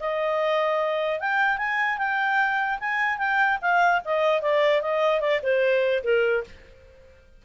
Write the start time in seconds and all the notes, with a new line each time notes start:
0.00 D#5
1.20 G5
1.58 G#5
1.98 G5
2.80 G#5
3.18 G5
3.62 F5
4.05 D#5
4.42 D5
4.82 D#5
5.21 D5
5.43 C5
6.04 A#4